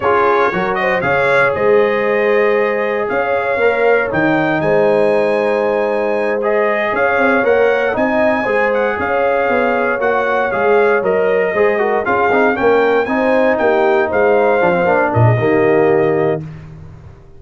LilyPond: <<
  \new Staff \with { instrumentName = "trumpet" } { \time 4/4 \tempo 4 = 117 cis''4. dis''8 f''4 dis''4~ | dis''2 f''2 | g''4 gis''2.~ | gis''8 dis''4 f''4 fis''4 gis''8~ |
gis''4 fis''8 f''2 fis''8~ | fis''8 f''4 dis''2 f''8~ | f''8 g''4 gis''4 g''4 f''8~ | f''4. dis''2~ dis''8 | }
  \new Staff \with { instrumentName = "horn" } { \time 4/4 gis'4 ais'8 c''8 cis''4 c''4~ | c''2 cis''2~ | cis''4 c''2.~ | c''4. cis''2 dis''8~ |
dis''8 c''4 cis''2~ cis''8~ | cis''2~ cis''8 c''8 ais'8 gis'8~ | gis'8 ais'4 c''4 g'4 c''8~ | c''4. ais'16 gis'16 g'2 | }
  \new Staff \with { instrumentName = "trombone" } { \time 4/4 f'4 fis'4 gis'2~ | gis'2. ais'4 | dis'1~ | dis'8 gis'2 ais'4 dis'8~ |
dis'8 gis'2. fis'8~ | fis'8 gis'4 ais'4 gis'8 fis'8 f'8 | dis'8 cis'4 dis'2~ dis'8~ | dis'8 d'16 c'16 d'4 ais2 | }
  \new Staff \with { instrumentName = "tuba" } { \time 4/4 cis'4 fis4 cis4 gis4~ | gis2 cis'4 ais4 | dis4 gis2.~ | gis4. cis'8 c'8 ais4 c'8~ |
c'8 gis4 cis'4 b4 ais8~ | ais8 gis4 fis4 gis4 cis'8 | c'8 ais4 c'4 ais4 gis8~ | gis8 f8 ais8 ais,8 dis2 | }
>>